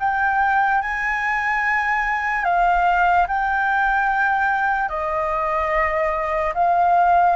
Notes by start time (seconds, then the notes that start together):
0.00 G5
0.82 G#5
2.45 F5
3.28 G5
4.89 D#5
6.54 F5